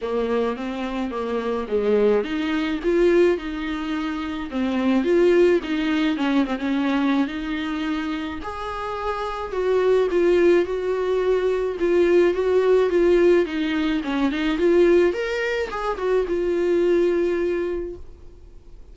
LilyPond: \new Staff \with { instrumentName = "viola" } { \time 4/4 \tempo 4 = 107 ais4 c'4 ais4 gis4 | dis'4 f'4 dis'2 | c'4 f'4 dis'4 cis'8 c'16 cis'16~ | cis'4 dis'2 gis'4~ |
gis'4 fis'4 f'4 fis'4~ | fis'4 f'4 fis'4 f'4 | dis'4 cis'8 dis'8 f'4 ais'4 | gis'8 fis'8 f'2. | }